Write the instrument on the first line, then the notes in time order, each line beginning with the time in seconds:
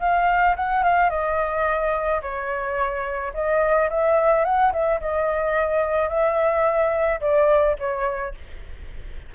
flute
0.00 F5
0.57 F#5
0.83 F5
1.10 D#5
2.22 C#5
3.34 D#5
3.90 E5
4.44 F#5
4.73 E5
5.01 D#5
6.09 E5
7.21 D5
7.79 C#5